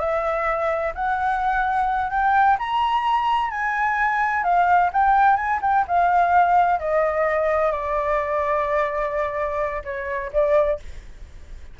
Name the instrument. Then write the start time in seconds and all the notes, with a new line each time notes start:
flute
0.00 E5
0.95 F#5
2.11 G5
2.59 A#5
3.51 G#5
4.44 F5
4.93 G5
5.37 G#5
5.62 G5
5.88 F5
6.80 D#5
7.72 D5
9.85 C#5
10.33 D5